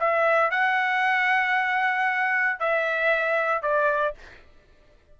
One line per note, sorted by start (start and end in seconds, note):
0.00 0.51 E5
0.51 2.59 F#5
2.59 3.62 E5
3.62 4.15 D5